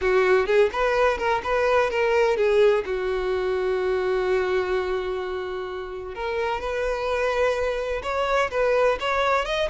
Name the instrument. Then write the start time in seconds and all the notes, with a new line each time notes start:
violin
0.01 F#4
0.46 G#4
0.72 B4
1.17 A#4
1.43 B4
1.90 A#4
2.36 G#4
2.85 F#4
6.14 A#4
6.60 B4
8.03 C#5
8.51 B4
8.99 C#5
9.45 D#5